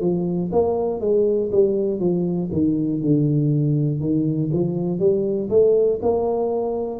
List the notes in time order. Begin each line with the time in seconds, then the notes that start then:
0.00 F3
0.51 A#3
1.00 G#3
1.51 G3
2.00 F3
2.52 D#3
3.01 D3
4.00 D#3
4.53 F3
4.99 G3
5.49 A3
6.02 A#3